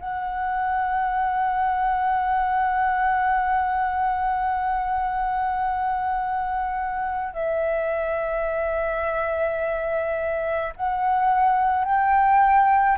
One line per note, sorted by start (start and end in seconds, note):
0.00 7.33 F#5
7.33 10.73 E5
10.77 11.85 F#5
11.85 12.98 G5